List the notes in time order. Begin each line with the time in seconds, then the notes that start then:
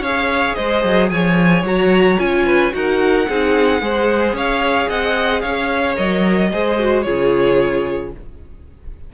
0.00 C#4 G#4 C#5 F5
0.55 G#3 C5 D#5
0.84 F#3
1.10 F3 C#5 G#5
1.63 F#3 F#4 A#5
2.18 C#4 F4 G#5
2.46 B4
2.71 D#4 F#4 A#4 F#5
3.28 C4 D#4 G#4
3.81 G#3 G#4 C5
4.33 C#4 C#5 F5
4.89 C4 D#5 F#5
5.41 C#4 C#5 F5
5.96 F#3 A#4 D#5
6.52 G#3 G#4 C5
6.79 F#4
7.02 C#3 F4 G#4 C#5